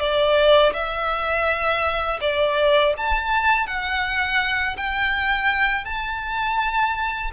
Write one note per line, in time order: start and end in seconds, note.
0.00 0.73 D5
0.74 2.20 E5
2.22 2.95 D5
2.98 3.67 A5
3.67 4.77 F#5
4.77 5.85 G5
5.85 7.32 A5